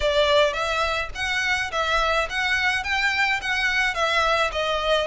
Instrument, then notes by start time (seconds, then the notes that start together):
violin
0.00 D5
0.53 E5
1.14 F#5
1.71 E5
2.29 F#5
2.83 G5
3.41 F#5
3.94 E5
4.52 D#5